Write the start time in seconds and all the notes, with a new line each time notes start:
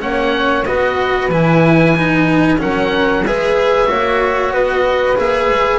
0.00 A#3 C#4 C#5 F#5
0.65 B3 F#4 B4 D#5
1.29 E3 E4 G#5
1.97 D#4
2.58 F#3 C#4 A#4 F#5
3.24 G#3 G#4 B4 E5
3.87 A#3 F#4 C#5
4.51 B3 B4 D#5
5.17 A#3 G#4 E5
5.50 G#3